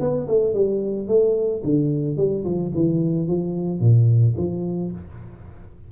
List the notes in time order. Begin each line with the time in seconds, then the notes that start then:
0.00 B3
0.28 A3
0.54 G3
1.08 A3
1.64 D3
2.17 G3
2.44 F3
2.74 E3
3.28 F3
3.80 A#2
4.37 F3